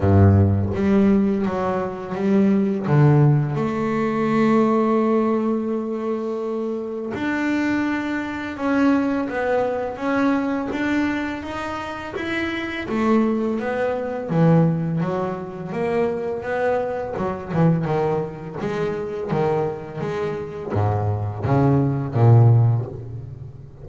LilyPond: \new Staff \with { instrumentName = "double bass" } { \time 4/4 \tempo 4 = 84 g,4 g4 fis4 g4 | d4 a2.~ | a2 d'2 | cis'4 b4 cis'4 d'4 |
dis'4 e'4 a4 b4 | e4 fis4 ais4 b4 | fis8 e8 dis4 gis4 dis4 | gis4 gis,4 cis4 ais,4 | }